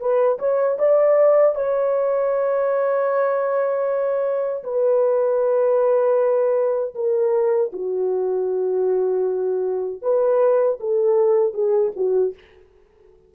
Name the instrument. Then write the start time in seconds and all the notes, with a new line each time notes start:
horn
0.00 B4
0.39 C#5
0.79 D5
1.56 C#5
4.64 B4
6.95 A#4
7.73 F#4
10.02 B4
10.80 A4
11.54 G#4
11.96 F#4